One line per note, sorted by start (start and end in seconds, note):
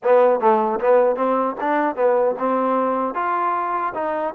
0.03 0.39 B3
0.39 0.79 A3
0.80 1.16 B3
1.16 1.55 C4
1.60 1.95 D4
1.95 2.35 B3
2.38 3.14 C4
3.14 3.93 F4
3.94 4.33 D#4